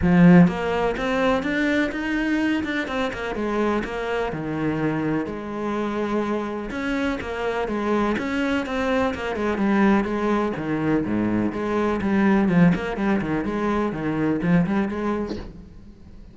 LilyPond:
\new Staff \with { instrumentName = "cello" } { \time 4/4 \tempo 4 = 125 f4 ais4 c'4 d'4 | dis'4. d'8 c'8 ais8 gis4 | ais4 dis2 gis4~ | gis2 cis'4 ais4 |
gis4 cis'4 c'4 ais8 gis8 | g4 gis4 dis4 gis,4 | gis4 g4 f8 ais8 g8 dis8 | gis4 dis4 f8 g8 gis4 | }